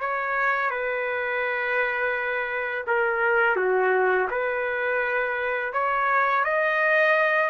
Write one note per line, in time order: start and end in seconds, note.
0.00 0.70 C#5
0.70 2.84 B4
2.87 3.56 A#4
3.56 4.27 F#4
4.30 5.73 B4
5.73 6.44 C#5
6.44 7.50 D#5